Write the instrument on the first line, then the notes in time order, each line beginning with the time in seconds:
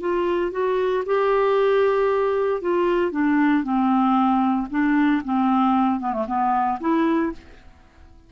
clarinet
0.00 F4
0.51 F#4
1.06 G4
2.61 F4
3.11 D4
3.63 C4
4.70 D4
5.24 C4
6.00 B3
6.13 A3
6.27 B3
6.80 E4